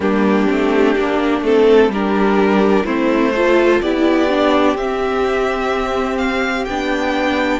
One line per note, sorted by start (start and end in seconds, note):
0.00 0.46 G3
0.00 0.47 A#3
0.00 1.88 D4
0.00 1.43 G4
0.47 0.95 A3
0.47 0.95 C4
0.95 1.41 A#3
0.95 1.42 D4
1.41 1.88 A3
1.41 1.91 C4
1.41 1.91 A4
1.88 2.83 G3
1.88 2.85 D4
1.88 2.85 G4
1.88 2.85 A#4
2.85 3.80 A3
2.85 3.33 C4
2.85 3.33 E4
2.85 3.81 C5
3.35 3.83 F4
3.35 3.82 A4
3.81 4.74 B3
3.81 4.28 E4
3.81 7.59 G4
3.81 4.76 D5
4.28 4.76 D4
4.74 6.65 C4
4.74 6.68 C4
4.74 6.17 E5
6.17 6.64 F5
6.64 7.59 B3
6.64 7.59 D4
6.64 7.59 G5